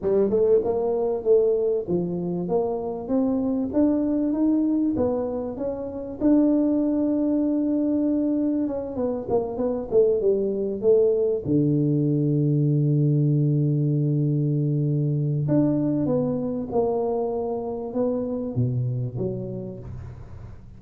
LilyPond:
\new Staff \with { instrumentName = "tuba" } { \time 4/4 \tempo 4 = 97 g8 a8 ais4 a4 f4 | ais4 c'4 d'4 dis'4 | b4 cis'4 d'2~ | d'2 cis'8 b8 ais8 b8 |
a8 g4 a4 d4.~ | d1~ | d4 d'4 b4 ais4~ | ais4 b4 b,4 fis4 | }